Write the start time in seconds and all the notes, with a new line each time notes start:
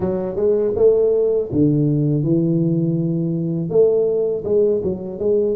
0.00 F#3
0.36 G#3
0.75 A3
1.52 D3
2.23 E3
3.69 A3
4.44 G#3
4.83 F#3
5.19 G#3